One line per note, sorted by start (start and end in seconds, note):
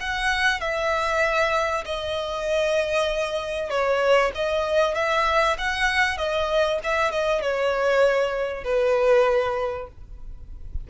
0.00 0.61 F#5
0.61 1.84 E5
1.86 3.70 D#5
3.70 4.32 C#5
4.35 4.95 D#5
4.95 5.57 E5
5.58 6.18 F#5
6.18 6.80 D#5
6.84 7.12 E5
7.12 7.42 D#5
7.42 8.64 C#5
8.64 9.88 B4